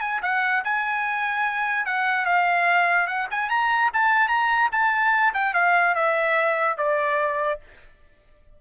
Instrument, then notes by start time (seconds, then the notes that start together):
trumpet
0.00 G#5
0.22 F#5
0.64 G#5
1.85 F#5
2.25 F5
3.07 F#5
3.30 G#5
3.49 A#5
3.93 A5
4.28 A#5
4.72 A5
5.33 G5
5.54 F5
5.95 E5
6.77 D5